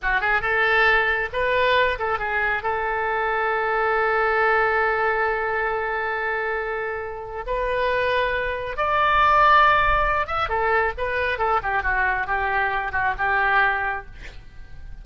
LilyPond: \new Staff \with { instrumentName = "oboe" } { \time 4/4 \tempo 4 = 137 fis'8 gis'8 a'2 b'4~ | b'8 a'8 gis'4 a'2~ | a'1~ | a'1~ |
a'4 b'2. | d''2.~ d''8 e''8 | a'4 b'4 a'8 g'8 fis'4 | g'4. fis'8 g'2 | }